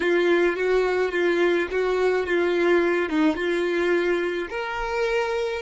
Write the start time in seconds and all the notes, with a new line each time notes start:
0.00 F4
0.56 F#4
1.11 F4
1.71 F#4
2.26 F4
3.09 D#4
3.36 F4
4.49 A#4